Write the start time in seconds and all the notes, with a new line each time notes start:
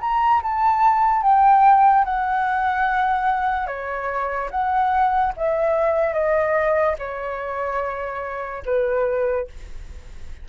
0.00 A#5
0.43 A5
1.22 G5
2.04 F#5
3.67 C#5
4.50 F#5
5.36 E5
6.13 D#5
6.98 C#5
8.65 B4